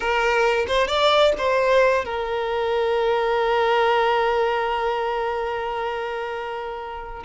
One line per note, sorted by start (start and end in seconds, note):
0.00 0.65 A#4
0.67 0.87 C5
0.87 1.32 D5
1.38 2.04 C5
2.04 7.23 A#4